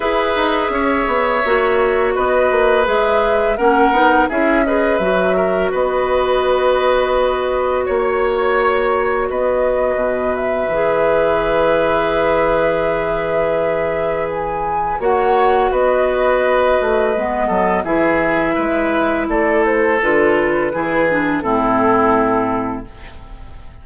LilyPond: <<
  \new Staff \with { instrumentName = "flute" } { \time 4/4 \tempo 4 = 84 e''2. dis''4 | e''4 fis''4 e''8 dis''8 e''4 | dis''2. cis''4~ | cis''4 dis''4. e''4.~ |
e''1 | gis''4 fis''4 dis''2~ | dis''4 e''2 d''8 c''8 | b'2 a'2 | }
  \new Staff \with { instrumentName = "oboe" } { \time 4/4 b'4 cis''2 b'4~ | b'4 ais'4 gis'8 b'4 ais'8 | b'2. cis''4~ | cis''4 b'2.~ |
b'1~ | b'4 cis''4 b'2~ | b'8 a'8 gis'4 b'4 a'4~ | a'4 gis'4 e'2 | }
  \new Staff \with { instrumentName = "clarinet" } { \time 4/4 gis'2 fis'2 | gis'4 cis'8 dis'8 e'8 gis'8 fis'4~ | fis'1~ | fis'2. gis'4~ |
gis'1~ | gis'4 fis'2. | b4 e'2. | f'4 e'8 d'8 c'2 | }
  \new Staff \with { instrumentName = "bassoon" } { \time 4/4 e'8 dis'8 cis'8 b8 ais4 b8 ais8 | gis4 ais8 b8 cis'4 fis4 | b2. ais4~ | ais4 b4 b,4 e4~ |
e1~ | e4 ais4 b4. a8 | gis8 fis8 e4 gis4 a4 | d4 e4 a,2 | }
>>